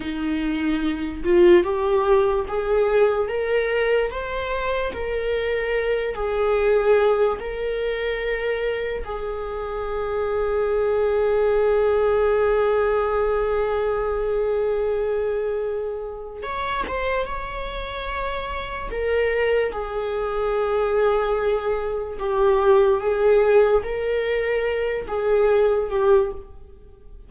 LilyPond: \new Staff \with { instrumentName = "viola" } { \time 4/4 \tempo 4 = 73 dis'4. f'8 g'4 gis'4 | ais'4 c''4 ais'4. gis'8~ | gis'4 ais'2 gis'4~ | gis'1~ |
gis'1 | cis''8 c''8 cis''2 ais'4 | gis'2. g'4 | gis'4 ais'4. gis'4 g'8 | }